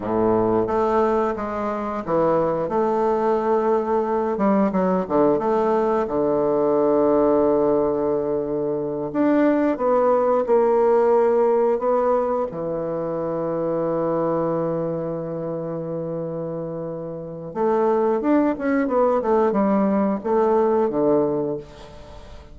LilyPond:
\new Staff \with { instrumentName = "bassoon" } { \time 4/4 \tempo 4 = 89 a,4 a4 gis4 e4 | a2~ a8 g8 fis8 d8 | a4 d2.~ | d4. d'4 b4 ais8~ |
ais4. b4 e4.~ | e1~ | e2 a4 d'8 cis'8 | b8 a8 g4 a4 d4 | }